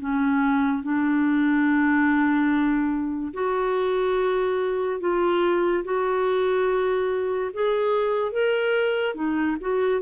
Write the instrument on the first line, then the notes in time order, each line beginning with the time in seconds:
clarinet
0.00 C#4
0.83 D4
3.34 F#4
5.00 F4
5.84 F#4
7.53 G#4
8.32 A#4
9.15 D#4
9.61 F#4